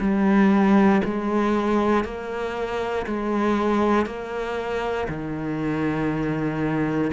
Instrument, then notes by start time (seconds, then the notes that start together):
cello
0.00 G3
1.04 G#3
2.05 A#3
3.06 G#3
4.06 A#3
5.08 D#3